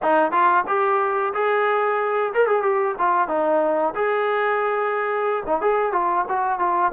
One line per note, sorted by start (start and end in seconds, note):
0.02 0.31 D#4
0.31 0.64 F4
0.67 1.33 G4
1.34 2.33 G#4
2.34 2.47 A#4
2.47 2.62 G#4
2.62 2.95 G4
2.98 3.28 F4
3.28 3.94 D#4
3.95 5.43 G#4
5.46 5.61 D#4
5.61 5.92 G#4
5.92 6.25 F4
6.28 6.59 F#4
6.59 6.92 F4